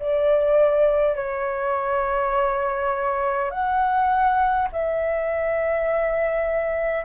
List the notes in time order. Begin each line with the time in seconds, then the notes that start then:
0.00 D5
1.16 C#5
3.51 F#5
4.72 E5